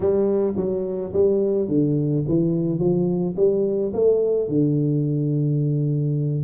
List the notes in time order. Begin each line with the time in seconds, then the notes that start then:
0.00 G3
0.56 F#3
1.13 G3
1.68 D3
2.28 E3
2.78 F3
3.36 G3
3.93 A3
4.48 D3